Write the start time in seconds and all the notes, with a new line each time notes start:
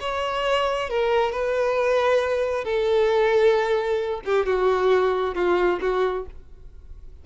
0.00 C#5
0.90 A#4
1.32 B4
2.64 A4
4.25 G4
4.46 F#4
5.35 F4
5.81 F#4